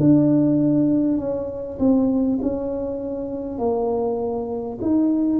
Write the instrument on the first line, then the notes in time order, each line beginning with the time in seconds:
tuba
0.00 D4
1.18 C#4
1.79 C4
2.42 C#4
3.58 A#3
4.82 D#4